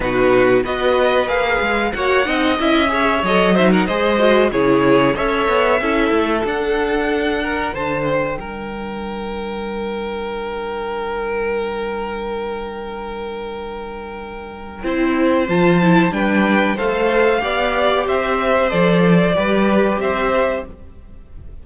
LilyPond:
<<
  \new Staff \with { instrumentName = "violin" } { \time 4/4 \tempo 4 = 93 b'4 dis''4 f''4 fis''4 | e''4 dis''8 e''16 fis''16 dis''4 cis''4 | e''2 fis''2 | a''8 g''2.~ g''8~ |
g''1~ | g''1 | a''4 g''4 f''2 | e''4 d''2 e''4 | }
  \new Staff \with { instrumentName = "violin" } { \time 4/4 fis'4 b'2 cis''8 dis''8~ | dis''8 cis''4 c''16 ais'16 c''4 gis'4 | cis''4 a'2~ a'8 ais'8 | c''4 ais'2.~ |
ais'1~ | ais'2. c''4~ | c''4 b'4 c''4 d''4 | c''2 b'4 c''4 | }
  \new Staff \with { instrumentName = "viola" } { \time 4/4 dis'4 fis'4 gis'4 fis'8 dis'8 | e'8 gis'8 a'8 dis'8 gis'8 fis'8 e'4 | a'4 e'4 d'2~ | d'1~ |
d'1~ | d'2. e'4 | f'8 e'8 d'4 a'4 g'4~ | g'4 a'4 g'2 | }
  \new Staff \with { instrumentName = "cello" } { \time 4/4 b,4 b4 ais8 gis8 ais8 c'8 | cis'4 fis4 gis4 cis4 | cis'8 b8 cis'8 a8 d'2 | d4 g2.~ |
g1~ | g2. c'4 | f4 g4 a4 b4 | c'4 f4 g4 c'4 | }
>>